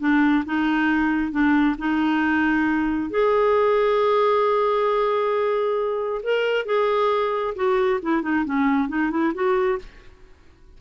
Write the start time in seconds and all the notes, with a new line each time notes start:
0.00 D4
0.46 D#4
1.32 D4
1.79 D#4
3.11 G#4
6.23 A#4
6.66 G#4
7.56 F#4
8.02 E4
8.23 D#4
8.45 C#4
8.89 D#4
9.11 E4
9.34 F#4